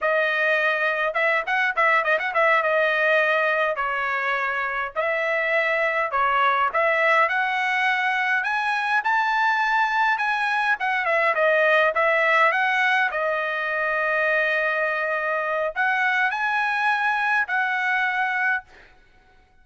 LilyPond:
\new Staff \with { instrumentName = "trumpet" } { \time 4/4 \tempo 4 = 103 dis''2 e''8 fis''8 e''8 dis''16 fis''16 | e''8 dis''2 cis''4.~ | cis''8 e''2 cis''4 e''8~ | e''8 fis''2 gis''4 a''8~ |
a''4. gis''4 fis''8 e''8 dis''8~ | dis''8 e''4 fis''4 dis''4.~ | dis''2. fis''4 | gis''2 fis''2 | }